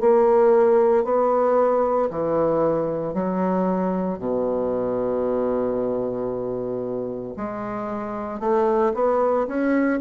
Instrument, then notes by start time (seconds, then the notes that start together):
bassoon
0.00 A#3
1.04 B3
2.10 E3
3.13 F#3
4.19 B2
7.36 G#3
8.40 A3
8.94 B3
9.47 C#4